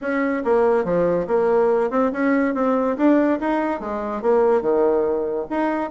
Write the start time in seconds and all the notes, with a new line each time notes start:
0.01 C#4
0.44 A#3
0.84 F3
1.27 A#3
1.90 C4
2.12 C#4
2.54 C4
2.97 D4
3.40 D#4
3.80 G#3
4.22 A#3
4.61 D#3
5.50 D#4